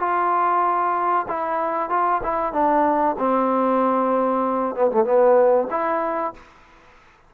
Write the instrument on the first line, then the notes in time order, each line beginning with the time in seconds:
trombone
0.00 F4
1.28 E4
1.90 F4
2.23 E4
2.53 D4
3.19 C4
4.75 B3
4.92 A3
5.05 B3
5.71 E4